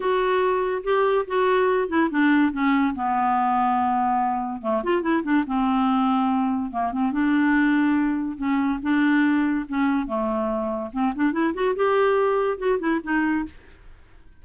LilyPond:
\new Staff \with { instrumentName = "clarinet" } { \time 4/4 \tempo 4 = 143 fis'2 g'4 fis'4~ | fis'8 e'8 d'4 cis'4 b4~ | b2. a8 f'8 | e'8 d'8 c'2. |
ais8 c'8 d'2. | cis'4 d'2 cis'4 | a2 c'8 d'8 e'8 fis'8 | g'2 fis'8 e'8 dis'4 | }